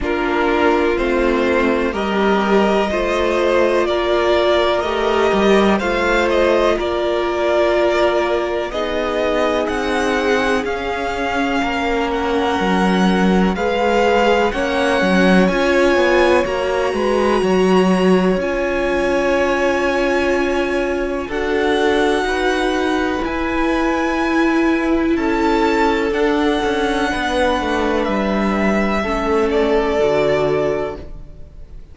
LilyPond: <<
  \new Staff \with { instrumentName = "violin" } { \time 4/4 \tempo 4 = 62 ais'4 c''4 dis''2 | d''4 dis''4 f''8 dis''8 d''4~ | d''4 dis''4 fis''4 f''4~ | f''8 fis''4. f''4 fis''4 |
gis''4 ais''2 gis''4~ | gis''2 fis''2 | gis''2 a''4 fis''4~ | fis''4 e''4. d''4. | }
  \new Staff \with { instrumentName = "violin" } { \time 4/4 f'2 ais'4 c''4 | ais'2 c''4 ais'4~ | ais'4 gis'2. | ais'2 b'4 cis''4~ |
cis''4. b'8 cis''2~ | cis''2 a'4 b'4~ | b'2 a'2 | b'2 a'2 | }
  \new Staff \with { instrumentName = "viola" } { \time 4/4 d'4 c'4 g'4 f'4~ | f'4 g'4 f'2~ | f'4 dis'2 cis'4~ | cis'2 gis'4 cis'4 |
f'4 fis'2 f'4~ | f'2 fis'2 | e'2. d'4~ | d'2 cis'4 fis'4 | }
  \new Staff \with { instrumentName = "cello" } { \time 4/4 ais4 a4 g4 a4 | ais4 a8 g8 a4 ais4~ | ais4 b4 c'4 cis'4 | ais4 fis4 gis4 ais8 fis8 |
cis'8 b8 ais8 gis8 fis4 cis'4~ | cis'2 d'4 dis'4 | e'2 cis'4 d'8 cis'8 | b8 a8 g4 a4 d4 | }
>>